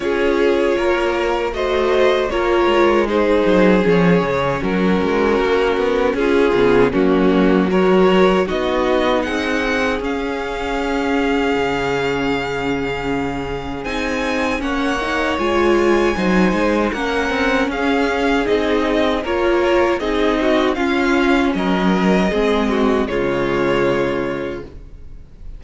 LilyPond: <<
  \new Staff \with { instrumentName = "violin" } { \time 4/4 \tempo 4 = 78 cis''2 dis''4 cis''4 | c''4 cis''4 ais'2 | gis'4 fis'4 cis''4 dis''4 | fis''4 f''2.~ |
f''2 gis''4 fis''4 | gis''2 fis''4 f''4 | dis''4 cis''4 dis''4 f''4 | dis''2 cis''2 | }
  \new Staff \with { instrumentName = "violin" } { \time 4/4 gis'4 ais'4 c''4 ais'4 | gis'2 fis'2 | f'4 cis'4 ais'4 fis'4 | gis'1~ |
gis'2. cis''4~ | cis''4 c''4 ais'4 gis'4~ | gis'4 ais'4 gis'8 fis'8 f'4 | ais'4 gis'8 fis'8 f'2 | }
  \new Staff \with { instrumentName = "viola" } { \time 4/4 f'2 fis'4 f'4 | dis'4 cis'2.~ | cis'8 b8 ais4 fis'4 dis'4~ | dis'4 cis'2.~ |
cis'2 dis'4 cis'8 dis'8 | f'4 dis'4 cis'2 | dis'4 f'4 dis'4 cis'4~ | cis'4 c'4 gis2 | }
  \new Staff \with { instrumentName = "cello" } { \time 4/4 cis'4 ais4 a4 ais8 gis8~ | gis8 fis8 f8 cis8 fis8 gis8 ais8 b8 | cis'8 cis8 fis2 b4 | c'4 cis'2 cis4~ |
cis2 c'4 ais4 | gis4 fis8 gis8 ais8 c'8 cis'4 | c'4 ais4 c'4 cis'4 | fis4 gis4 cis2 | }
>>